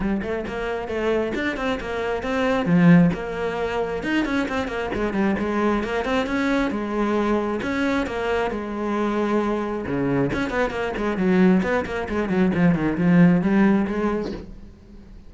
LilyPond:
\new Staff \with { instrumentName = "cello" } { \time 4/4 \tempo 4 = 134 g8 a8 ais4 a4 d'8 c'8 | ais4 c'4 f4 ais4~ | ais4 dis'8 cis'8 c'8 ais8 gis8 g8 | gis4 ais8 c'8 cis'4 gis4~ |
gis4 cis'4 ais4 gis4~ | gis2 cis4 cis'8 b8 | ais8 gis8 fis4 b8 ais8 gis8 fis8 | f8 dis8 f4 g4 gis4 | }